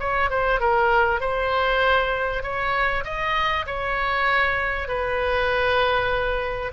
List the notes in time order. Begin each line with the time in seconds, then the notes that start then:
0.00 C#5
0.30 C5
0.60 A#4
1.21 C5
2.43 C#5
3.05 D#5
3.67 C#5
4.88 B4